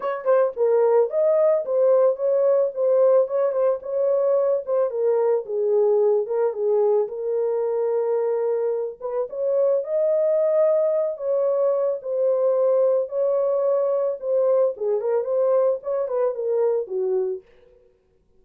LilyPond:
\new Staff \with { instrumentName = "horn" } { \time 4/4 \tempo 4 = 110 cis''8 c''8 ais'4 dis''4 c''4 | cis''4 c''4 cis''8 c''8 cis''4~ | cis''8 c''8 ais'4 gis'4. ais'8 | gis'4 ais'2.~ |
ais'8 b'8 cis''4 dis''2~ | dis''8 cis''4. c''2 | cis''2 c''4 gis'8 ais'8 | c''4 cis''8 b'8 ais'4 fis'4 | }